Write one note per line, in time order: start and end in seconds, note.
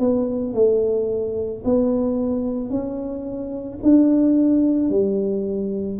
0.00 0.55 B3
0.55 1.64 A3
1.65 2.70 B3
2.70 3.79 C#4
3.83 4.90 D4
4.90 6.00 G3